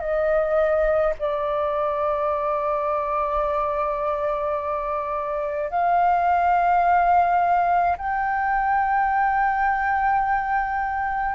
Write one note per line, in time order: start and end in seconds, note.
0.00 1.13 D#5
1.19 5.70 D5
5.70 7.96 F5
7.97 11.35 G5